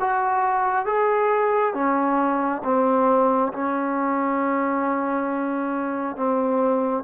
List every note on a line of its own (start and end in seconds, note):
0.00 0.85 F#4
0.85 1.74 G#4
1.74 2.62 C#4
2.64 3.52 C4
3.53 6.16 C#4
6.16 7.03 C4